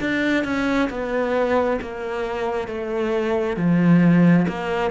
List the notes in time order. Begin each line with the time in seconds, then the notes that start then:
0.00 D4
0.44 C#4
0.90 B3
1.81 A#3
2.67 A3
3.57 F3
4.48 A#3